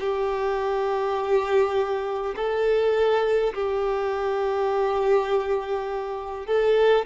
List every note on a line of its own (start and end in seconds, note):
0.00 2.35 G4
2.36 3.53 A4
3.53 6.47 G4
6.47 7.05 A4